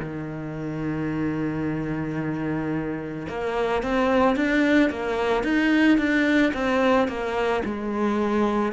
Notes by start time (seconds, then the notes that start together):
0.00 D#3
3.28 A#3
3.83 C4
4.36 D4
4.90 A#3
5.44 D#4
5.98 D4
6.54 C4
7.08 A#3
7.65 G#3